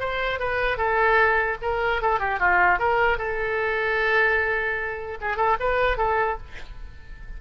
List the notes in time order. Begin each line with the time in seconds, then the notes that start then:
0.00 C5
0.40 B4
0.78 A4
1.62 A#4
2.02 A4
2.20 G4
2.39 F4
2.79 A#4
3.18 A4
5.21 G#4
5.37 A4
5.60 B4
5.98 A4